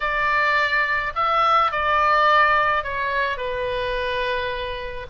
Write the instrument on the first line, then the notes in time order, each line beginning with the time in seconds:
oboe
0.00 D5
1.15 E5
1.71 D5
2.83 C#5
3.37 B4